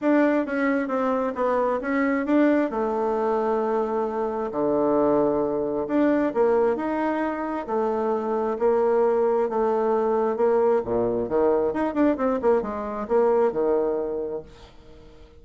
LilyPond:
\new Staff \with { instrumentName = "bassoon" } { \time 4/4 \tempo 4 = 133 d'4 cis'4 c'4 b4 | cis'4 d'4 a2~ | a2 d2~ | d4 d'4 ais4 dis'4~ |
dis'4 a2 ais4~ | ais4 a2 ais4 | ais,4 dis4 dis'8 d'8 c'8 ais8 | gis4 ais4 dis2 | }